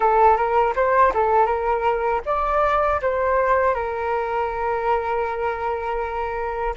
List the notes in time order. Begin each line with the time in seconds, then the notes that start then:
0.00 A4
0.36 A#4
0.75 C5
1.14 A4
1.46 A#4
2.25 D5
3.01 C5
3.74 A#4